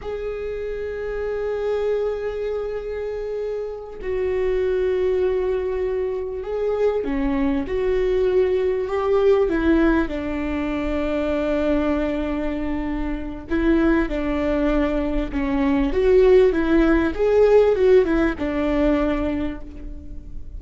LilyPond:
\new Staff \with { instrumentName = "viola" } { \time 4/4 \tempo 4 = 98 gis'1~ | gis'2~ gis'8 fis'4.~ | fis'2~ fis'8 gis'4 cis'8~ | cis'8 fis'2 g'4 e'8~ |
e'8 d'2.~ d'8~ | d'2 e'4 d'4~ | d'4 cis'4 fis'4 e'4 | gis'4 fis'8 e'8 d'2 | }